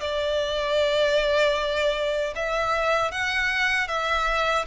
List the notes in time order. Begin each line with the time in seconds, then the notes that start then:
0.00 D5
2.35 E5
3.11 F#5
3.87 E5